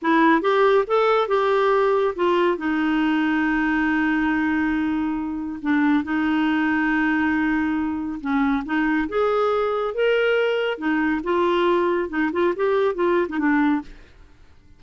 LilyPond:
\new Staff \with { instrumentName = "clarinet" } { \time 4/4 \tempo 4 = 139 e'4 g'4 a'4 g'4~ | g'4 f'4 dis'2~ | dis'1~ | dis'4 d'4 dis'2~ |
dis'2. cis'4 | dis'4 gis'2 ais'4~ | ais'4 dis'4 f'2 | dis'8 f'8 g'4 f'8. dis'16 d'4 | }